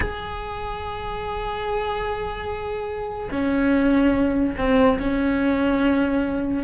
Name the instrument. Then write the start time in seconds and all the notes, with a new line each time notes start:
cello
0.00 G#4
3.31 C#4
4.57 C4
4.99 C#4